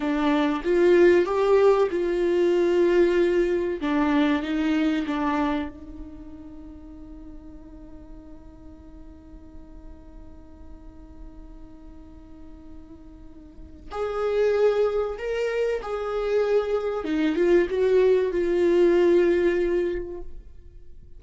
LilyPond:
\new Staff \with { instrumentName = "viola" } { \time 4/4 \tempo 4 = 95 d'4 f'4 g'4 f'4~ | f'2 d'4 dis'4 | d'4 dis'2.~ | dis'1~ |
dis'1~ | dis'2 gis'2 | ais'4 gis'2 dis'8 f'8 | fis'4 f'2. | }